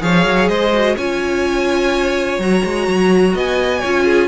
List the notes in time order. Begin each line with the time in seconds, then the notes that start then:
0.00 F3 G#4 C#5 F5
0.26 F#3
0.48 G#3 C5 D#5
0.74 F#4
0.96 C#4 F4 C#5 G#5
2.39 F#3 F#4 A#5
2.64 G#3
2.88 F#3
3.35 B3 D#5 G#5
3.80 C#4 F4 C#5
4.05 G#4